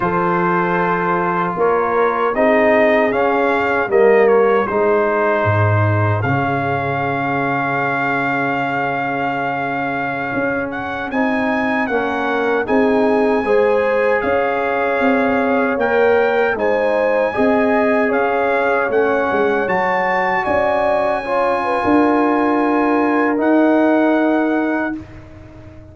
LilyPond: <<
  \new Staff \with { instrumentName = "trumpet" } { \time 4/4 \tempo 4 = 77 c''2 cis''4 dis''4 | f''4 dis''8 cis''8 c''2 | f''1~ | f''4.~ f''16 fis''8 gis''4 fis''8.~ |
fis''16 gis''2 f''4.~ f''16~ | f''16 g''4 gis''2 f''8.~ | f''16 fis''4 a''4 gis''4.~ gis''16~ | gis''2 fis''2 | }
  \new Staff \with { instrumentName = "horn" } { \time 4/4 a'2 ais'4 gis'4~ | gis'4 ais'4 gis'2~ | gis'1~ | gis'2.~ gis'16 ais'8.~ |
ais'16 gis'4 c''4 cis''4.~ cis''16~ | cis''4~ cis''16 c''4 dis''4 cis''8.~ | cis''2~ cis''16 d''4 cis''8 b'16 | ais'1 | }
  \new Staff \with { instrumentName = "trombone" } { \time 4/4 f'2. dis'4 | cis'4 ais4 dis'2 | cis'1~ | cis'2~ cis'16 dis'4 cis'8.~ |
cis'16 dis'4 gis'2~ gis'8.~ | gis'16 ais'4 dis'4 gis'4.~ gis'16~ | gis'16 cis'4 fis'2 f'8.~ | f'2 dis'2 | }
  \new Staff \with { instrumentName = "tuba" } { \time 4/4 f2 ais4 c'4 | cis'4 g4 gis4 gis,4 | cis1~ | cis4~ cis16 cis'4 c'4 ais8.~ |
ais16 c'4 gis4 cis'4 c'8.~ | c'16 ais4 gis4 c'4 cis'8.~ | cis'16 a8 gis8 fis4 cis'4.~ cis'16 | d'2 dis'2 | }
>>